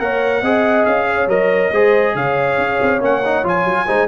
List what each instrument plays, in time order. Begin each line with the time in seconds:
0.00 tuba A#3, trombone A#4, horn C#5, trumpet F#5
0.41 tuba C4, trombone G#4, horn D#5
0.86 tuba C#4, trumpet F5
1.09 horn C#5
1.27 tuba F#3, trombone A#4, trumpet D#5
1.72 tuba G#3, trombone G#4, horn C5
2.15 tuba C#3, horn C#5, trumpet F5
2.58 tuba C#4
2.82 tuba C4
3.01 tuba A#3, trombone C#4, trumpet F#5
3.26 trombone D#4
3.44 tuba F3, trombone F4, trumpet G#5
3.65 tuba F#3
3.87 tuba G#3, trombone D#4, horn C5